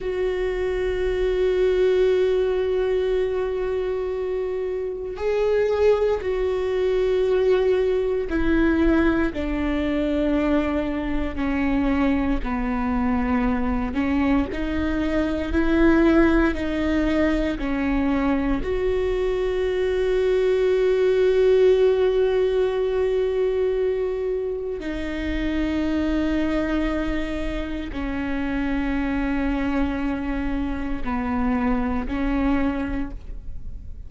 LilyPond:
\new Staff \with { instrumentName = "viola" } { \time 4/4 \tempo 4 = 58 fis'1~ | fis'4 gis'4 fis'2 | e'4 d'2 cis'4 | b4. cis'8 dis'4 e'4 |
dis'4 cis'4 fis'2~ | fis'1 | dis'2. cis'4~ | cis'2 b4 cis'4 | }